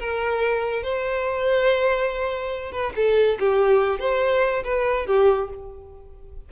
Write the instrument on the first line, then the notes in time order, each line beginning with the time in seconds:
violin
0.00 A#4
0.84 C5
2.72 B4
2.96 A4
3.40 G4
4.00 C5
4.64 B4
5.07 G4